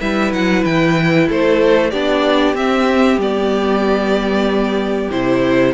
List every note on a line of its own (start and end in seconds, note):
0.00 0.33 G3
0.00 1.92 E4
0.00 1.28 B4
0.00 0.33 E5
0.33 0.65 F#3
0.33 0.65 F#5
0.65 1.30 E3
0.65 1.29 G5
1.29 1.93 A3
1.29 1.91 A4
1.29 1.91 C5
1.91 2.54 B3
1.91 2.55 D4
1.91 5.74 G4
1.91 2.55 D5
2.54 3.18 C4
2.54 3.19 C4
2.54 3.21 E5
3.18 5.09 G3
3.18 5.12 B3
3.18 5.11 D5
5.11 5.75 C3
5.11 5.75 E4
5.11 5.75 C5